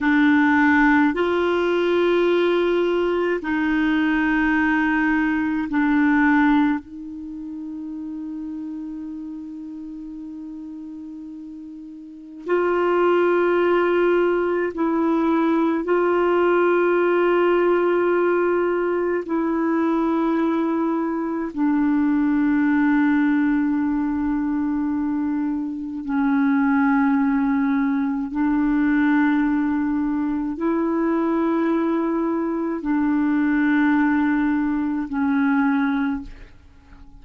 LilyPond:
\new Staff \with { instrumentName = "clarinet" } { \time 4/4 \tempo 4 = 53 d'4 f'2 dis'4~ | dis'4 d'4 dis'2~ | dis'2. f'4~ | f'4 e'4 f'2~ |
f'4 e'2 d'4~ | d'2. cis'4~ | cis'4 d'2 e'4~ | e'4 d'2 cis'4 | }